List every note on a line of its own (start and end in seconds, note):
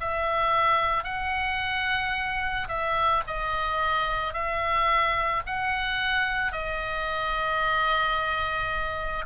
0.00 1.04 E5
1.04 2.67 F#5
2.68 3.23 E5
3.27 4.33 D#5
4.33 5.42 E5
5.46 6.52 F#5
6.52 9.25 D#5